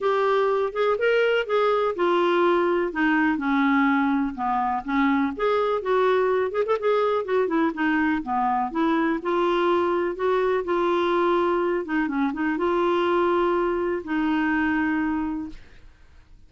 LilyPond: \new Staff \with { instrumentName = "clarinet" } { \time 4/4 \tempo 4 = 124 g'4. gis'8 ais'4 gis'4 | f'2 dis'4 cis'4~ | cis'4 b4 cis'4 gis'4 | fis'4. gis'16 a'16 gis'4 fis'8 e'8 |
dis'4 b4 e'4 f'4~ | f'4 fis'4 f'2~ | f'8 dis'8 cis'8 dis'8 f'2~ | f'4 dis'2. | }